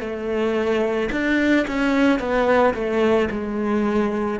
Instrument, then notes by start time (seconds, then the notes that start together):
cello
0.00 A3
1.12 D4
1.67 C#4
2.19 B3
2.74 A3
3.31 G#3